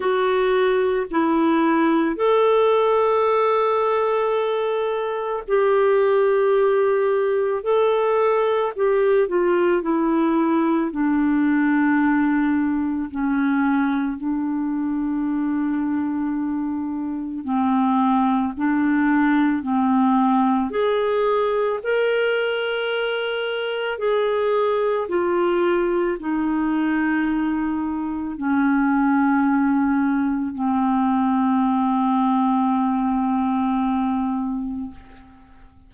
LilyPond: \new Staff \with { instrumentName = "clarinet" } { \time 4/4 \tempo 4 = 55 fis'4 e'4 a'2~ | a'4 g'2 a'4 | g'8 f'8 e'4 d'2 | cis'4 d'2. |
c'4 d'4 c'4 gis'4 | ais'2 gis'4 f'4 | dis'2 cis'2 | c'1 | }